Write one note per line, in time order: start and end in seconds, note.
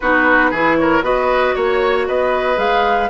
0.00 0.51 B3
0.00 0.54 D#4
0.00 0.50 F#4
0.00 0.77 B4
0.50 1.01 E3
0.50 1.02 E4
0.50 0.76 G#4
0.77 1.03 A#4
0.77 1.02 C#5
1.01 1.53 B3
1.01 2.56 F#4
1.01 1.55 B4
1.01 1.55 D#5
1.55 2.08 A#3
1.55 2.06 C#5
1.55 2.07 C#5
2.07 2.57 B3
2.07 3.10 B4
2.07 2.58 D#5
2.56 3.09 G#3
2.56 3.08 G#4
2.56 3.10 F5